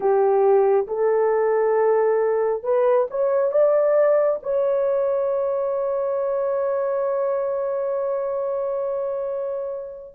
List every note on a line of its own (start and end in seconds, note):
0.00 0.87 G4
0.87 2.63 A4
2.63 3.07 B4
3.10 3.51 C#5
3.51 4.39 D5
4.42 10.15 C#5